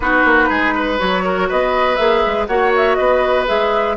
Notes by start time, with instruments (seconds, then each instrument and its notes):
0.00 bassoon B3, clarinet D#4, oboe F#4, flute B4
0.24 bassoon A#3
0.49 bassoon G#3, oboe G#4
0.74 oboe B4
0.98 bassoon F#3, clarinet F#4, flute C#5
1.24 oboe A#4
1.48 bassoon B3, oboe B4, flute D#5
1.96 bassoon A#3, clarinet G#4, flute E5
2.26 bassoon G#3
2.47 bassoon A#3, clarinet F#4, oboe C#5, flute F#5
2.76 flute E5
2.95 bassoon B3, oboe B4, flute D#5
3.47 bassoon G#3, clarinet G#4, flute E5